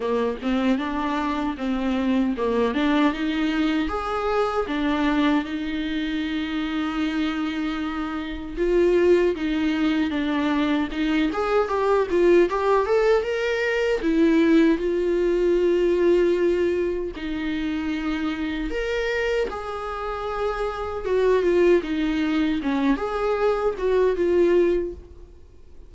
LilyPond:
\new Staff \with { instrumentName = "viola" } { \time 4/4 \tempo 4 = 77 ais8 c'8 d'4 c'4 ais8 d'8 | dis'4 gis'4 d'4 dis'4~ | dis'2. f'4 | dis'4 d'4 dis'8 gis'8 g'8 f'8 |
g'8 a'8 ais'4 e'4 f'4~ | f'2 dis'2 | ais'4 gis'2 fis'8 f'8 | dis'4 cis'8 gis'4 fis'8 f'4 | }